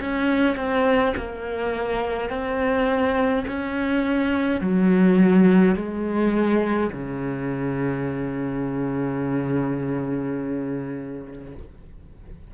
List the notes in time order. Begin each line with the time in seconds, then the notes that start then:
0.00 C#4
0.56 C4
1.16 A#3
2.29 C4
3.47 C#4
4.60 F#3
5.75 G#3
6.92 C#3